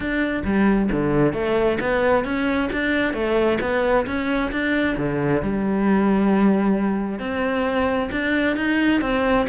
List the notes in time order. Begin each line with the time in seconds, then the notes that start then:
0.00 D4
0.44 G3
0.91 D3
1.33 A3
1.80 B3
2.24 C#4
2.72 D4
3.13 A3
3.60 B3
4.06 C#4
4.51 D4
4.97 D3
5.42 G3
7.19 C4
8.11 D4
8.56 D#4
9.01 C4